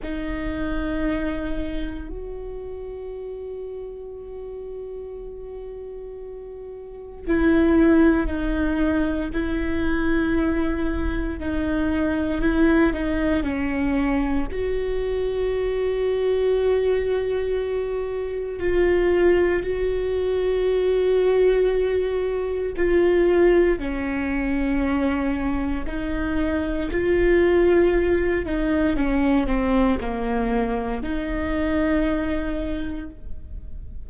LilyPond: \new Staff \with { instrumentName = "viola" } { \time 4/4 \tempo 4 = 58 dis'2 fis'2~ | fis'2. e'4 | dis'4 e'2 dis'4 | e'8 dis'8 cis'4 fis'2~ |
fis'2 f'4 fis'4~ | fis'2 f'4 cis'4~ | cis'4 dis'4 f'4. dis'8 | cis'8 c'8 ais4 dis'2 | }